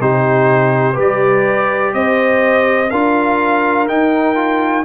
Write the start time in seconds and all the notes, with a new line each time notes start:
0.00 C3 D#4 G4 C5
0.94 G3 G4 B4
1.00 D5
1.94 C4 C5 D#5
2.91 D4 F4 A#4 F5
3.88 D#4 G5
4.35 F4